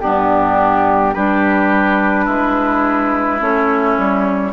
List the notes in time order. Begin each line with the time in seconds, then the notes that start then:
0.00 G2 B3 D4 G4
1.13 G3 D4 G4 B4
2.25 G#3 E4
3.39 A3 C#4 C#5
3.98 G3